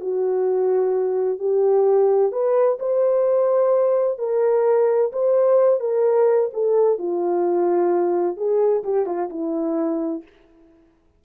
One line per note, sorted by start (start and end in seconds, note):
0.00 1.39 F#4
1.39 2.32 G4
2.32 2.78 B4
2.79 4.18 C5
4.18 5.11 A#4
5.12 5.80 C5
5.80 6.49 A#4
6.53 6.98 A4
6.98 8.36 F4
8.36 8.83 G#4
8.83 9.05 G4
9.05 9.29 F4
9.29 10.22 E4